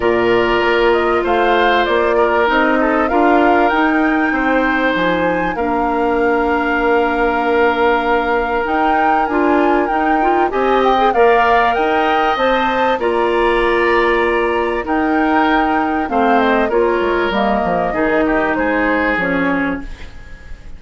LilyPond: <<
  \new Staff \with { instrumentName = "flute" } { \time 4/4 \tempo 4 = 97 d''4. dis''8 f''4 d''4 | dis''4 f''4 g''2 | gis''4 f''2.~ | f''2 g''4 gis''4 |
g''4 gis''8 g''8 f''4 g''4 | a''4 ais''2. | g''2 f''8 dis''8 cis''4 | dis''2 c''4 cis''4 | }
  \new Staff \with { instrumentName = "oboe" } { \time 4/4 ais'2 c''4. ais'8~ | ais'8 a'8 ais'2 c''4~ | c''4 ais'2.~ | ais'1~ |
ais'4 dis''4 d''4 dis''4~ | dis''4 d''2. | ais'2 c''4 ais'4~ | ais'4 gis'8 g'8 gis'2 | }
  \new Staff \with { instrumentName = "clarinet" } { \time 4/4 f'1 | dis'4 f'4 dis'2~ | dis'4 d'2.~ | d'2 dis'4 f'4 |
dis'8 f'8 g'8. gis'16 ais'2 | c''4 f'2. | dis'2 c'4 f'4 | ais4 dis'2 cis'4 | }
  \new Staff \with { instrumentName = "bassoon" } { \time 4/4 ais,4 ais4 a4 ais4 | c'4 d'4 dis'4 c'4 | f4 ais2.~ | ais2 dis'4 d'4 |
dis'4 c'4 ais4 dis'4 | c'4 ais2. | dis'2 a4 ais8 gis8 | g8 f8 dis4 gis4 f4 | }
>>